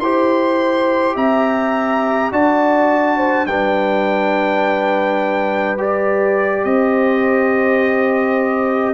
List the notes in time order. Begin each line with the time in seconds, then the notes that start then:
0.00 E4 G4 C5 C6
1.16 C4 E5 A#5
2.32 D4 F#4 D5 A5
3.18 C5
3.47 G3 D4 B4 G5
5.78 G4 D5
6.65 C4 C5 D#5